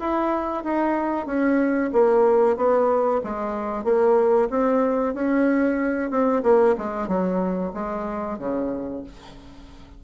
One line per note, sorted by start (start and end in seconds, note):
0.00 0.64 E4
0.64 1.26 D#4
1.26 1.91 C#4
1.93 2.57 A#3
2.57 3.21 B3
3.24 3.84 G#3
3.84 4.49 A#3
4.50 5.14 C4
5.14 6.11 C#4
6.11 6.43 C4
6.43 6.76 A#3
6.78 7.08 G#3
7.08 7.72 F#3
7.74 8.39 G#3
8.39 9.04 C#3